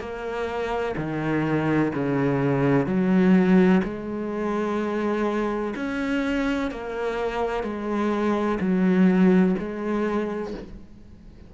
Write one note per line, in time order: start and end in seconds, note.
0.00 0.95 A#3
0.97 1.92 D#3
1.94 2.86 C#3
2.86 3.81 F#3
3.84 5.74 G#3
5.76 6.71 C#4
6.71 7.64 A#3
7.64 8.59 G#3
8.60 9.55 F#3
9.58 10.54 G#3